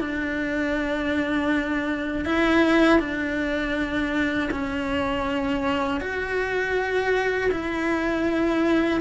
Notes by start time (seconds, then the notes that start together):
0.00 D4
2.25 E4
2.99 D4
4.51 C#4
6.00 F#4
7.51 E4